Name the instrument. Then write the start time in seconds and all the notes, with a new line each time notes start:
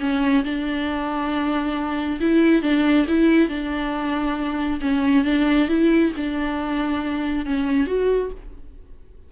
viola
0.00 C#4
0.44 D4
2.21 E4
2.63 D4
3.08 E4
3.49 D4
4.81 C#4
5.25 D4
5.69 E4
6.17 D4
7.46 C#4
7.87 F#4